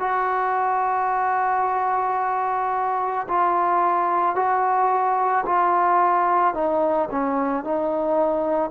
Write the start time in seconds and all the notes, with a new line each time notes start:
0.00 F#4
3.28 F4
4.36 F#4
5.46 F4
6.55 D#4
7.12 C#4
7.65 D#4